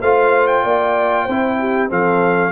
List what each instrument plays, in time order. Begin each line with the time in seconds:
0.00 tuba A3, trombone F4, horn C5, trumpet F5
0.47 trumpet G5
0.63 tuba A#3, horn D5
1.23 tuba C4, horn C5
1.29 trombone E4
1.59 horn G4
1.89 tuba F3, trombone C4, horn A4, trumpet F5